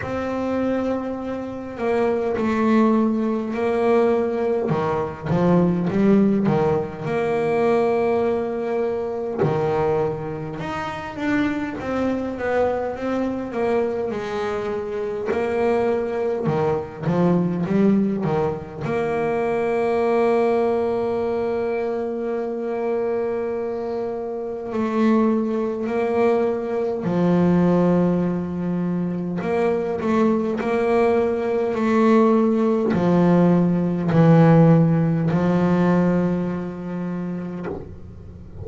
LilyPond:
\new Staff \with { instrumentName = "double bass" } { \time 4/4 \tempo 4 = 51 c'4. ais8 a4 ais4 | dis8 f8 g8 dis8 ais2 | dis4 dis'8 d'8 c'8 b8 c'8 ais8 | gis4 ais4 dis8 f8 g8 dis8 |
ais1~ | ais4 a4 ais4 f4~ | f4 ais8 a8 ais4 a4 | f4 e4 f2 | }